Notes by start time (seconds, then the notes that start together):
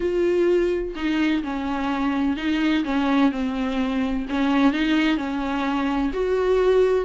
0.00 F4
0.95 D#4
1.43 C#4
2.36 D#4
2.84 C#4
3.31 C4
4.29 C#4
4.72 D#4
5.17 C#4
6.13 F#4